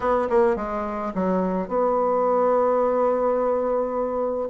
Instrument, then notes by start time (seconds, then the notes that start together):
bassoon
0.00 B3
0.29 A#3
0.56 G#3
1.14 F#3
1.68 B3